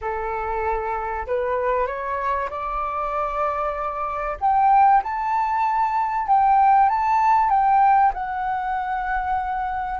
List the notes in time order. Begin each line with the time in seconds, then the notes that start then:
0.01 A4
1.26 B4
1.86 C#5
2.50 D5
4.40 G5
5.03 A5
6.27 G5
6.89 A5
7.49 G5
8.13 F#5